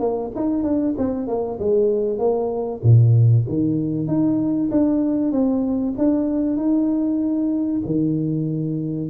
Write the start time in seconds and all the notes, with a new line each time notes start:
0.00 A#3
0.36 D#4
0.64 D4
0.98 C4
1.28 A#3
1.59 G#3
2.19 A#3
2.83 A#2
3.48 D#3
4.07 D#4
4.71 D4
5.32 C4
5.98 D4
6.57 D#4
7.86 D#3